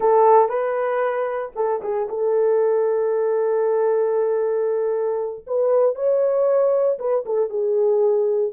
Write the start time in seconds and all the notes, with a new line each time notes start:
0.00 A4
0.49 B4
1.55 A4
1.82 G#4
2.08 A4
5.46 B4
5.95 C#5
6.98 B4
7.25 A4
7.49 G#4